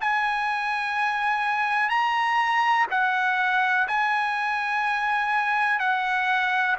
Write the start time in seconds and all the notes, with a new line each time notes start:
0.00 G#5
1.89 A#5
2.90 F#5
3.87 G#5
5.79 F#5